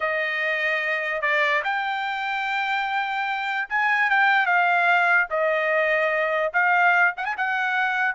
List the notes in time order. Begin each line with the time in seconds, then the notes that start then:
0.00 D#5
1.21 D5
1.64 G5
3.69 G#5
4.09 G5
4.45 F5
5.30 D#5
6.53 F5
7.16 F#5
7.25 G#5
7.37 F#5